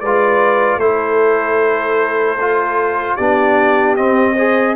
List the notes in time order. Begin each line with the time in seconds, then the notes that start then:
0.00 G#3 F4 B4 D5
0.76 A3 E4 A4 C5
2.40 F4
3.15 B3 D4 G4 D5
3.96 C4 D#5
4.34 G#4 C5